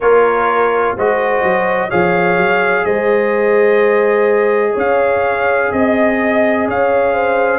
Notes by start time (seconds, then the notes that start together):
0.00 A#3 F4 A#4 C#5
0.96 G#3 F#4 C5 D#5
1.43 F#3
1.89 F3 G#4 C#5 F5
2.37 F#3
2.84 G#3 C5 D#5
4.73 C#4 C#5 F5
5.72 C4 D#5
6.67 C#4 C#5 F5
7.13 C5